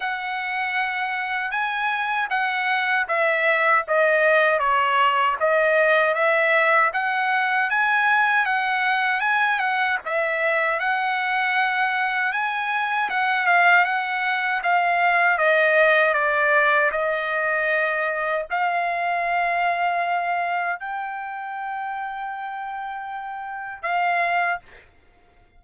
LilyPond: \new Staff \with { instrumentName = "trumpet" } { \time 4/4 \tempo 4 = 78 fis''2 gis''4 fis''4 | e''4 dis''4 cis''4 dis''4 | e''4 fis''4 gis''4 fis''4 | gis''8 fis''8 e''4 fis''2 |
gis''4 fis''8 f''8 fis''4 f''4 | dis''4 d''4 dis''2 | f''2. g''4~ | g''2. f''4 | }